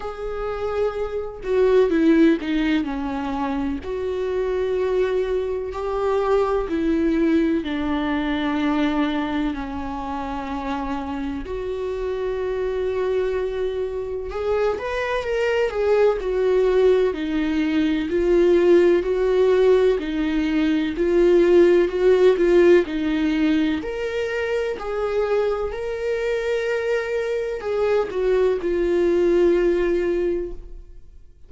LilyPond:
\new Staff \with { instrumentName = "viola" } { \time 4/4 \tempo 4 = 63 gis'4. fis'8 e'8 dis'8 cis'4 | fis'2 g'4 e'4 | d'2 cis'2 | fis'2. gis'8 b'8 |
ais'8 gis'8 fis'4 dis'4 f'4 | fis'4 dis'4 f'4 fis'8 f'8 | dis'4 ais'4 gis'4 ais'4~ | ais'4 gis'8 fis'8 f'2 | }